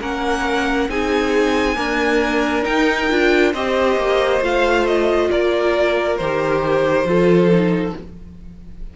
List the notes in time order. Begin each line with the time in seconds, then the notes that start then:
0.00 A#3 C#4 A#4 F#5
0.88 C4 D#4 G#4 G#5
1.75 A#3 D4 A#4
2.62 D#4 G5
3.09 D4 F4
3.52 C4 G4 C5 D#5
3.96 A#3
4.41 A3 F4 F5
4.86 D#5
5.30 A#3 A#4 D5
6.17 D#3 G4 C5
7.04 F3 F4 A4
7.51 D#4